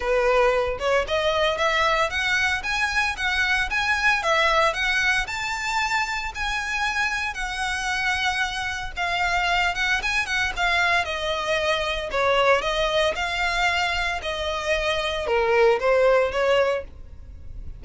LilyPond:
\new Staff \with { instrumentName = "violin" } { \time 4/4 \tempo 4 = 114 b'4. cis''8 dis''4 e''4 | fis''4 gis''4 fis''4 gis''4 | e''4 fis''4 a''2 | gis''2 fis''2~ |
fis''4 f''4. fis''8 gis''8 fis''8 | f''4 dis''2 cis''4 | dis''4 f''2 dis''4~ | dis''4 ais'4 c''4 cis''4 | }